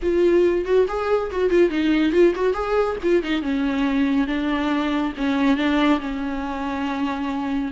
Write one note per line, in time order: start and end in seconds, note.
0.02 0.65 F4
0.65 0.86 F#4
0.87 1.30 G#4
1.31 1.50 F#4
1.50 1.69 F4
1.69 2.12 D#4
2.12 2.33 F4
2.35 2.53 F#4
2.53 2.96 G#4
3.02 3.22 F4
3.22 3.42 D#4
3.42 4.27 C#4
4.27 5.13 D4
5.17 5.56 C#4
5.56 5.99 D4
6.00 7.71 C#4